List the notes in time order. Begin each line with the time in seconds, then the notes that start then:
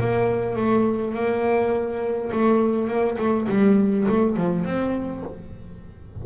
0.00 A#3
0.56 A3
1.15 A#3
2.32 A3
2.88 A#3
3.18 A3
3.49 G3
4.08 A3
4.37 F3
4.65 C4